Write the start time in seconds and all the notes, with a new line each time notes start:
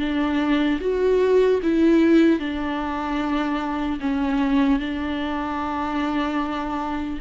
0.00 D4
0.81 F#4
1.63 E4
2.40 D4
4.01 C#4
4.80 D4